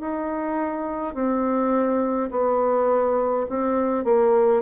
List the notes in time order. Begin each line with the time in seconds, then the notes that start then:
0.00 D#4
1.14 C4
2.31 B3
3.49 C4
4.04 A#3